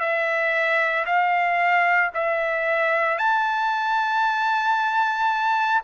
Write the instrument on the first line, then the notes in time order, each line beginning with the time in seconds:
trumpet
0.00 E5
1.06 F5
2.15 E5
3.19 A5